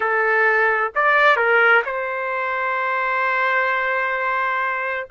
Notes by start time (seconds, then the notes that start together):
0.00 A4
0.95 D5
1.36 A#4
1.85 C5